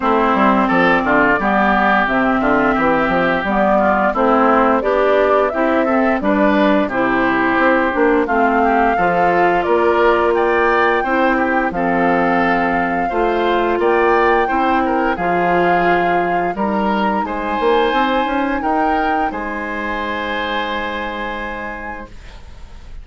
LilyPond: <<
  \new Staff \with { instrumentName = "flute" } { \time 4/4 \tempo 4 = 87 c''4 d''2 e''4~ | e''4 d''4 c''4 d''4 | e''4 d''4 c''2 | f''2 d''4 g''4~ |
g''4 f''2. | g''2 f''2 | ais''4 gis''2 g''4 | gis''1 | }
  \new Staff \with { instrumentName = "oboe" } { \time 4/4 e'4 a'8 f'8 g'4. f'8 | g'4. f'8 e'4 d'4 | g'8 a'8 b'4 g'2 | f'8 g'8 a'4 ais'4 d''4 |
c''8 g'8 a'2 c''4 | d''4 c''8 ais'8 gis'2 | ais'4 c''2 ais'4 | c''1 | }
  \new Staff \with { instrumentName = "clarinet" } { \time 4/4 c'2 b4 c'4~ | c'4 b4 c'4 g'4 | e'8 c'8 d'4 e'4. d'8 | c'4 f'2. |
e'4 c'2 f'4~ | f'4 e'4 f'2 | dis'1~ | dis'1 | }
  \new Staff \with { instrumentName = "bassoon" } { \time 4/4 a8 g8 f8 d8 g4 c8 d8 | e8 f8 g4 a4 b4 | c'4 g4 c4 c'8 ais8 | a4 f4 ais2 |
c'4 f2 a4 | ais4 c'4 f2 | g4 gis8 ais8 c'8 cis'8 dis'4 | gis1 | }
>>